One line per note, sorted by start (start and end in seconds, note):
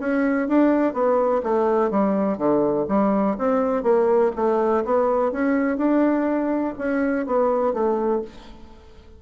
0.00 0.48 C#4
0.49 0.93 D4
0.93 1.42 B3
1.43 1.90 A3
1.90 2.38 G3
2.38 2.86 D3
2.88 3.37 G3
3.38 3.83 C4
3.83 4.32 A#3
4.36 4.84 A3
4.85 5.32 B3
5.32 5.77 C#4
5.77 6.74 D4
6.78 7.26 C#4
7.26 7.74 B3
7.74 8.22 A3